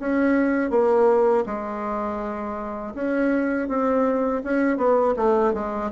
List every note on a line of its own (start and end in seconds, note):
0.00 0.71 C#4
0.71 1.45 A#3
1.46 2.95 G#3
2.95 3.69 C#4
3.69 4.43 C4
4.44 4.78 C#4
4.78 5.15 B3
5.17 5.54 A3
5.54 5.91 G#3